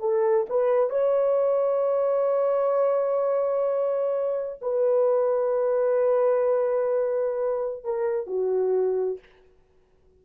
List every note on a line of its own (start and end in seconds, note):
0.00 0.46 A4
0.50 0.90 B4
0.90 4.59 C#5
4.62 7.84 B4
7.84 8.27 A#4
8.27 9.19 F#4